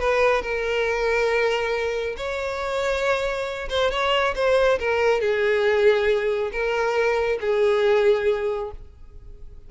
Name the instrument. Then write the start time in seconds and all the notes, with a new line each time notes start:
violin
0.00 B4
0.43 A#4
2.17 C#5
3.70 C5
3.92 C#5
4.36 C5
4.80 A#4
5.21 G#4
6.53 A#4
7.41 G#4